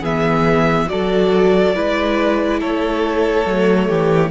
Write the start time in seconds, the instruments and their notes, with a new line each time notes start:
0.00 cello E3, viola B3, violin G#4 E5
0.87 cello F#3, viola F#4, violin A4 D5
1.74 cello G#3, viola E4, violin B4
2.59 cello A3, violin A4 C#5
3.45 cello F#3, viola A3
3.88 cello E3, violin G4